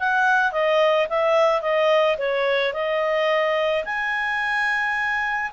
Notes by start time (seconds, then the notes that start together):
0.00 F#5
0.53 D#5
1.09 E5
1.62 D#5
2.18 C#5
2.74 D#5
3.85 G#5